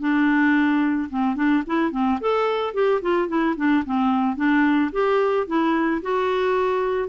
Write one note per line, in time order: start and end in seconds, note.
0.00 1.09 D4
1.10 1.36 C4
1.36 1.63 D4
1.67 1.92 E4
1.92 2.19 C4
2.21 2.74 A4
2.74 3.01 G4
3.02 3.29 F4
3.29 3.56 E4
3.57 3.84 D4
3.86 4.37 C4
4.37 4.91 D4
4.93 5.47 G4
5.47 6.02 E4
6.02 7.09 F#4